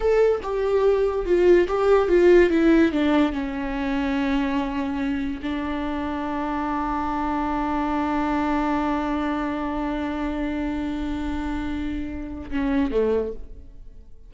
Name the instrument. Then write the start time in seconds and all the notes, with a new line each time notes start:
viola
0.00 A4
0.42 G4
1.25 F4
1.68 G4
2.08 F4
2.50 E4
2.92 D4
3.32 C#4
5.42 D4
12.50 C#4
12.91 A3